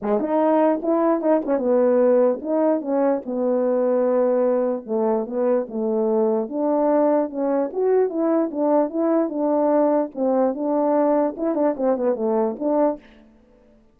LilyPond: \new Staff \with { instrumentName = "horn" } { \time 4/4 \tempo 4 = 148 gis8 dis'4. e'4 dis'8 cis'8 | b2 dis'4 cis'4 | b1 | a4 b4 a2 |
d'2 cis'4 fis'4 | e'4 d'4 e'4 d'4~ | d'4 c'4 d'2 | e'8 d'8 c'8 b8 a4 d'4 | }